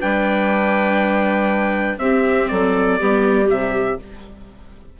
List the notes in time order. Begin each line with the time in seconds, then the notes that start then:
0.00 G3 D4 B4 G5
1.97 C4 G4 E5
2.48 F#3 A4 D5
3.00 G3 B3 G4
3.46 C3 G3 E5